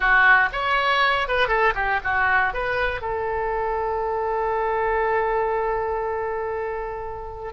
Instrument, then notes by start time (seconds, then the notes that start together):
oboe
0.00 F#4
0.52 C#5
1.27 B4
1.48 A4
1.74 G4
2.04 F#4
2.53 B4
3.01 A4